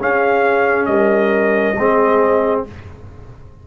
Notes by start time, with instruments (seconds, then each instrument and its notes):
0.00 trombone C#4, tuba C#4, horn G#4, trumpet F5
0.86 tuba G3, horn A#4, trumpet D#5
1.78 tuba G#3, trombone C4, horn G#4